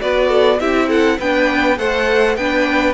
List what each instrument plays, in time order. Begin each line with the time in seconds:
0.00 cello B3, viola F#4, violin B4 D5
0.28 violin A4
0.60 cello C4, viola E4, violin G4 E5
0.88 violin A4 F#5
1.19 cello B3, viola D4, violin B4 G5
1.77 cello A3, viola A4, violin C5 F#5
2.36 cello B3, viola D4, violin B4 G5